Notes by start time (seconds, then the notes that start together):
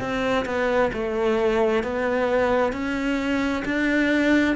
0.00 C4
0.46 B3
0.93 A3
1.84 B3
2.73 C#4
3.65 D4